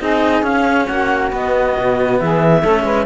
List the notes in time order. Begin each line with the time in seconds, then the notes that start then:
0.00 C4 D#4 G#4 D#5
0.42 C#4 F5
0.87 A#3 F#4 F#5
1.31 B3 D#5
1.77 B2
2.19 E3 G#4 E5
2.61 A3 C#4 A4
2.84 G#3 B4